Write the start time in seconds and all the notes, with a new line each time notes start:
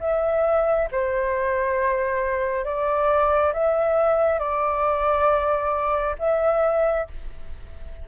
0.00 E5
0.91 C5
2.65 D5
3.53 E5
4.39 D5
6.19 E5